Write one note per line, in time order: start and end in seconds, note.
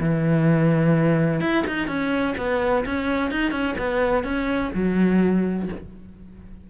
0.00 1.41 E3
1.41 1.64 E4
1.67 1.88 D#4
1.88 2.35 C#4
2.38 2.85 B3
2.85 3.31 C#4
3.31 3.52 D#4
3.52 3.75 C#4
3.78 4.24 B3
4.24 4.71 C#4
4.74 5.69 F#3